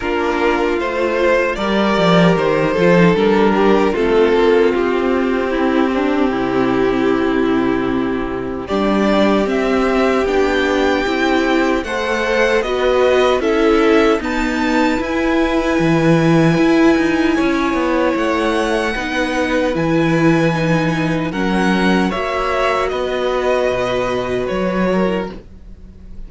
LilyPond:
<<
  \new Staff \with { instrumentName = "violin" } { \time 4/4 \tempo 4 = 76 ais'4 c''4 d''4 c''4 | ais'4 a'4 g'2~ | g'2. d''4 | e''4 g''2 fis''4 |
dis''4 e''4 a''4 gis''4~ | gis''2. fis''4~ | fis''4 gis''2 fis''4 | e''4 dis''2 cis''4 | }
  \new Staff \with { instrumentName = "violin" } { \time 4/4 f'2 ais'4. a'8~ | a'8 g'8 f'2 e'8 d'8 | e'2. g'4~ | g'2. c''4 |
b'4 a'4 b'2~ | b'2 cis''2 | b'2. ais'4 | cis''4 b'2~ b'8 ais'8 | }
  \new Staff \with { instrumentName = "viola" } { \time 4/4 d'4 f'4 g'4. f'16 dis'16 | d'4 c'2.~ | c'2. d'4 | c'4 d'4 e'4 a'4 |
fis'4 e'4 b4 e'4~ | e'1 | dis'4 e'4 dis'4 cis'4 | fis'2.~ fis'8. e'16 | }
  \new Staff \with { instrumentName = "cello" } { \time 4/4 ais4 a4 g8 f8 dis8 f8 | g4 a8 ais8 c'2 | c2. g4 | c'4 b4 c'4 a4 |
b4 cis'4 dis'4 e'4 | e4 e'8 dis'8 cis'8 b8 a4 | b4 e2 fis4 | ais4 b4 b,4 fis4 | }
>>